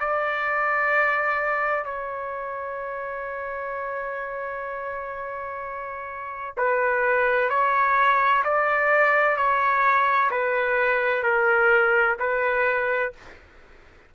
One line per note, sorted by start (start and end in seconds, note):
0.00 1.85 D5
1.85 6.54 C#5
6.57 7.50 B4
7.50 8.43 C#5
8.44 9.37 D5
9.37 10.30 C#5
10.31 11.23 B4
11.23 12.17 A#4
12.19 13.13 B4